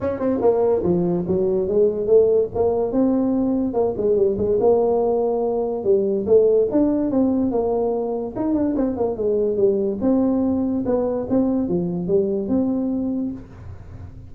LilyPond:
\new Staff \with { instrumentName = "tuba" } { \time 4/4 \tempo 4 = 144 cis'8 c'8 ais4 f4 fis4 | gis4 a4 ais4 c'4~ | c'4 ais8 gis8 g8 gis8 ais4~ | ais2 g4 a4 |
d'4 c'4 ais2 | dis'8 d'8 c'8 ais8 gis4 g4 | c'2 b4 c'4 | f4 g4 c'2 | }